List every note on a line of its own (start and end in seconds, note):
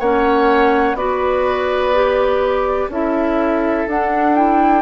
0.00 0.94 A#3
0.00 0.97 C#4
0.00 0.97 C#5
0.00 0.96 F#5
0.94 2.88 B3
0.94 1.94 F#4
0.94 2.91 B4
0.94 2.90 D5
1.94 2.91 G4
2.89 3.86 C#4
2.89 3.89 E4
2.89 4.83 A4
2.89 3.89 E5
3.87 4.83 D4
3.87 4.36 D4
3.87 4.35 F#5
4.35 4.83 E4
4.35 4.83 G5